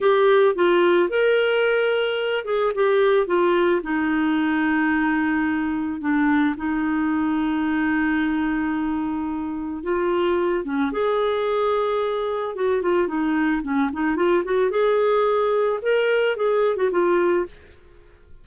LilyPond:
\new Staff \with { instrumentName = "clarinet" } { \time 4/4 \tempo 4 = 110 g'4 f'4 ais'2~ | ais'8 gis'8 g'4 f'4 dis'4~ | dis'2. d'4 | dis'1~ |
dis'2 f'4. cis'8 | gis'2. fis'8 f'8 | dis'4 cis'8 dis'8 f'8 fis'8 gis'4~ | gis'4 ais'4 gis'8. fis'16 f'4 | }